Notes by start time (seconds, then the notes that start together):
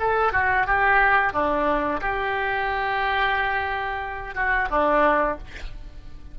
0.00 A4
0.33 F#4
0.66 G4
1.33 D4
2.01 G4
4.35 F#4
4.71 D4